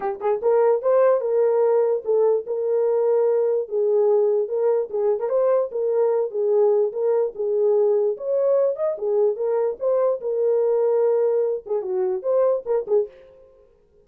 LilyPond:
\new Staff \with { instrumentName = "horn" } { \time 4/4 \tempo 4 = 147 g'8 gis'8 ais'4 c''4 ais'4~ | ais'4 a'4 ais'2~ | ais'4 gis'2 ais'4 | gis'8. ais'16 c''4 ais'4. gis'8~ |
gis'4 ais'4 gis'2 | cis''4. dis''8 gis'4 ais'4 | c''4 ais'2.~ | ais'8 gis'8 fis'4 c''4 ais'8 gis'8 | }